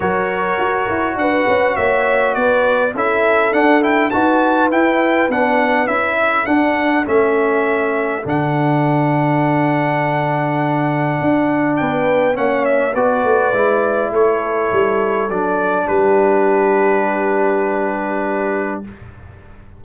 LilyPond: <<
  \new Staff \with { instrumentName = "trumpet" } { \time 4/4 \tempo 4 = 102 cis''2 fis''4 e''4 | d''4 e''4 fis''8 g''8 a''4 | g''4 fis''4 e''4 fis''4 | e''2 fis''2~ |
fis''1 | g''4 fis''8 e''8 d''2 | cis''2 d''4 b'4~ | b'1 | }
  \new Staff \with { instrumentName = "horn" } { \time 4/4 ais'2 b'4 cis''4 | b'4 a'2 b'4~ | b'2~ b'8 a'4.~ | a'1~ |
a'1 | b'4 cis''4 b'2 | a'2. g'4~ | g'1 | }
  \new Staff \with { instrumentName = "trombone" } { \time 4/4 fis'1~ | fis'4 e'4 d'8 e'8 fis'4 | e'4 d'4 e'4 d'4 | cis'2 d'2~ |
d'1~ | d'4 cis'4 fis'4 e'4~ | e'2 d'2~ | d'1 | }
  \new Staff \with { instrumentName = "tuba" } { \time 4/4 fis4 fis'8 e'8 d'8 cis'8 ais4 | b4 cis'4 d'4 dis'4 | e'4 b4 cis'4 d'4 | a2 d2~ |
d2. d'4 | b4 ais4 b8 a8 gis4 | a4 g4 fis4 g4~ | g1 | }
>>